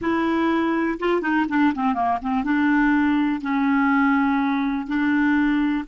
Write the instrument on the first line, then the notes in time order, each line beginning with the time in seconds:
clarinet
0.01 E4
0.99 F4
1.21 D#4
1.49 D4
1.74 C4
1.94 A#3
2.22 C4
2.44 D4
3.41 C#4
4.87 D4